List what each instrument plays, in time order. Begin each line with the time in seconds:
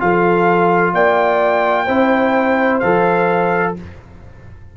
0.00 tuba F3, trombone F4, horn A4, trumpet F5
0.94 tuba A#3, horn D5, trumpet G5
1.86 tuba C4, trombone E4, horn C5
2.80 tuba F3, trombone A4, trumpet F5